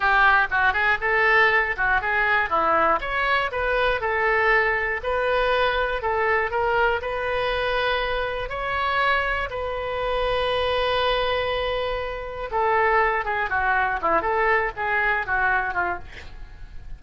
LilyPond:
\new Staff \with { instrumentName = "oboe" } { \time 4/4 \tempo 4 = 120 g'4 fis'8 gis'8 a'4. fis'8 | gis'4 e'4 cis''4 b'4 | a'2 b'2 | a'4 ais'4 b'2~ |
b'4 cis''2 b'4~ | b'1~ | b'4 a'4. gis'8 fis'4 | e'8 a'4 gis'4 fis'4 f'8 | }